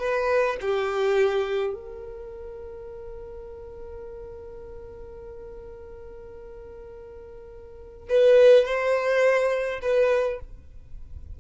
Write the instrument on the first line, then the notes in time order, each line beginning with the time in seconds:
violin
0.00 B4
0.62 G4
1.74 A#4
8.10 B4
8.65 C5
9.82 B4